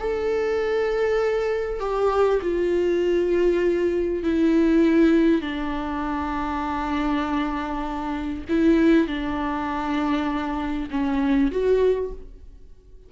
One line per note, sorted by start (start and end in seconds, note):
0.00 1.80 A4
1.80 2.41 G4
2.42 4.24 F4
4.24 5.42 E4
5.42 8.45 D4
8.50 9.08 E4
9.08 10.90 D4
10.91 11.52 C#4
11.52 12.12 F#4